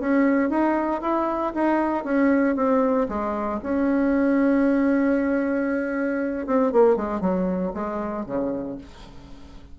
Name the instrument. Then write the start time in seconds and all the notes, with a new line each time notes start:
bassoon
0.00 C#4
0.50 D#4
1.02 E4
1.54 D#4
2.04 C#4
2.56 C4
3.08 G#3
3.63 C#4
6.47 C4
6.72 A#3
6.96 G#3
7.21 F#3
7.74 G#3
8.26 C#3